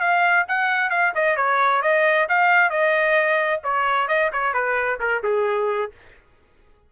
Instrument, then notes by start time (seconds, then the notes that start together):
trumpet
0.00 F5
0.48 F#5
0.90 F5
1.15 D#5
1.36 C#5
1.82 D#5
2.29 F5
2.70 D#5
3.64 C#5
4.08 D#5
4.32 C#5
4.54 B4
5.00 A#4
5.23 G#4